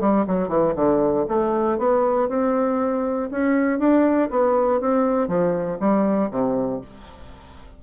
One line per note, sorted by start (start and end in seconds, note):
0.00 0.25 G3
0.27 0.48 F#3
0.48 0.73 E3
0.75 1.26 D3
1.28 1.78 A3
1.78 2.28 B3
2.28 3.29 C4
3.31 3.79 C#4
3.79 4.29 D4
4.30 4.80 B3
4.80 5.28 C4
5.28 5.78 F3
5.80 6.30 G3
6.30 6.81 C3